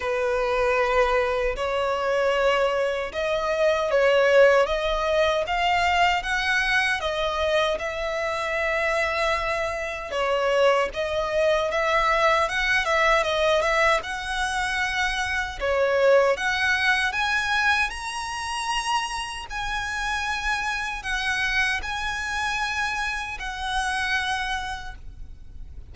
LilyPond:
\new Staff \with { instrumentName = "violin" } { \time 4/4 \tempo 4 = 77 b'2 cis''2 | dis''4 cis''4 dis''4 f''4 | fis''4 dis''4 e''2~ | e''4 cis''4 dis''4 e''4 |
fis''8 e''8 dis''8 e''8 fis''2 | cis''4 fis''4 gis''4 ais''4~ | ais''4 gis''2 fis''4 | gis''2 fis''2 | }